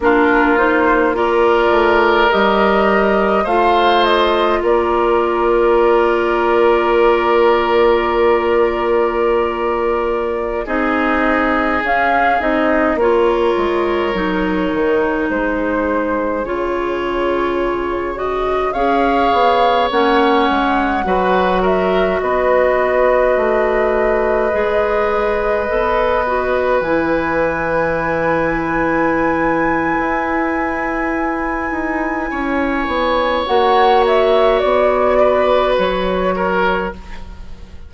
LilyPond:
<<
  \new Staff \with { instrumentName = "flute" } { \time 4/4 \tempo 4 = 52 ais'8 c''8 d''4 dis''4 f''8 dis''8 | d''1~ | d''4~ d''16 dis''4 f''8 dis''8 cis''8.~ | cis''4~ cis''16 c''4 cis''4. dis''16~ |
dis''16 f''4 fis''4. e''8 dis''8.~ | dis''2.~ dis''16 gis''8.~ | gis''1~ | gis''4 fis''8 e''8 d''4 cis''4 | }
  \new Staff \with { instrumentName = "oboe" } { \time 4/4 f'4 ais'2 c''4 | ais'1~ | ais'4~ ais'16 gis'2 ais'8.~ | ais'4~ ais'16 gis'2~ gis'8.~ |
gis'16 cis''2 b'8 ais'8 b'8.~ | b'1~ | b'1 | cis''2~ cis''8 b'4 ais'8 | }
  \new Staff \with { instrumentName = "clarinet" } { \time 4/4 d'8 dis'8 f'4 g'4 f'4~ | f'1~ | f'4~ f'16 dis'4 cis'8 dis'8 f'8.~ | f'16 dis'2 f'4. fis'16~ |
fis'16 gis'4 cis'4 fis'4.~ fis'16~ | fis'4~ fis'16 gis'4 a'8 fis'8 e'8.~ | e'1~ | e'4 fis'2. | }
  \new Staff \with { instrumentName = "bassoon" } { \time 4/4 ais4. a8 g4 a4 | ais1~ | ais4~ ais16 c'4 cis'8 c'8 ais8 gis16~ | gis16 fis8 dis8 gis4 cis4.~ cis16~ |
cis16 cis'8 b8 ais8 gis8 fis4 b8.~ | b16 a4 gis4 b4 e8.~ | e2 e'4. dis'8 | cis'8 b8 ais4 b4 fis4 | }
>>